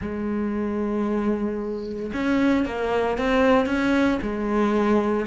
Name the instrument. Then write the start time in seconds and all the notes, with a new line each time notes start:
cello
0.01 G#3
2.13 C#4
2.65 A#3
3.17 C4
3.66 C#4
4.22 G#3